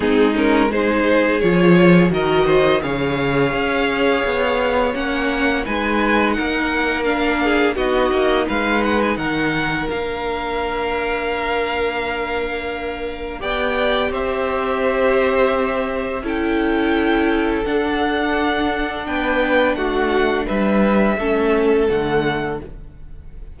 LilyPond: <<
  \new Staff \with { instrumentName = "violin" } { \time 4/4 \tempo 4 = 85 gis'8 ais'8 c''4 cis''4 dis''4 | f''2. fis''4 | gis''4 fis''4 f''4 dis''4 | f''8 fis''16 gis''16 fis''4 f''2~ |
f''2. g''4 | e''2. g''4~ | g''4 fis''2 g''4 | fis''4 e''2 fis''4 | }
  \new Staff \with { instrumentName = "violin" } { \time 4/4 dis'4 gis'2 ais'8 c''8 | cis''1 | b'4 ais'4. gis'8 fis'4 | b'4 ais'2.~ |
ais'2. d''4 | c''2. a'4~ | a'2. b'4 | fis'4 b'4 a'2 | }
  \new Staff \with { instrumentName = "viola" } { \time 4/4 c'8 cis'8 dis'4 f'4 fis'4 | gis'2. cis'4 | dis'2 d'4 dis'4~ | dis'2 d'2~ |
d'2. g'4~ | g'2. e'4~ | e'4 d'2.~ | d'2 cis'4 a4 | }
  \new Staff \with { instrumentName = "cello" } { \time 4/4 gis2 f4 dis4 | cis4 cis'4 b4 ais4 | gis4 ais2 b8 ais8 | gis4 dis4 ais2~ |
ais2. b4 | c'2. cis'4~ | cis'4 d'2 b4 | a4 g4 a4 d4 | }
>>